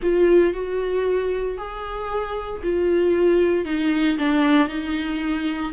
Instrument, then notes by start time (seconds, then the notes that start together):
viola
0.02 F4
0.53 F#4
1.57 G#4
2.63 F4
3.65 D#4
4.18 D4
4.68 D#4